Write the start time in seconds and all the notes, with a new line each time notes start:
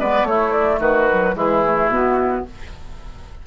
0.00 G#3 B3 B4 D5
0.23 A3 E4 C#5
0.52 D5
0.79 D#3 F#4 B4
1.11 F#3
1.35 E3 G#3 E4 G#4
1.65 A3
1.87 B2 B3 F#4